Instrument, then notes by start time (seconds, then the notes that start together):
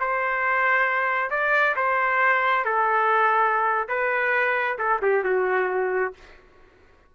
trumpet
0.00 C5
1.30 D5
1.76 C5
2.65 A4
3.89 B4
4.78 A4
5.02 G4
5.24 F#4